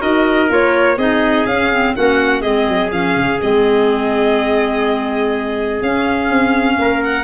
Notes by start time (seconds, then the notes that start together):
0.00 D#4 F#4 A#4 D#5
0.49 A#3 F4 C#5
0.97 C4 D#4 G#4 D#5
1.46 C#4 F5
1.73 C4
1.96 A#3 C#4 F#4 F#5
2.42 G#3 C4 G#4 D#5
2.69 F#3
2.91 F3 C#4 F5
3.16 C#3
3.42 G#3 C4 D#5
5.82 C#4 F5
6.30 C4
6.79 A#3 A#4
7.03 F#5